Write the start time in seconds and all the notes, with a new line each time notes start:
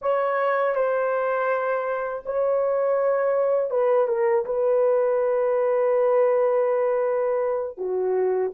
0.01 C#5
0.75 C5
2.25 C#5
3.70 B4
4.07 A#4
4.45 B4
7.77 F#4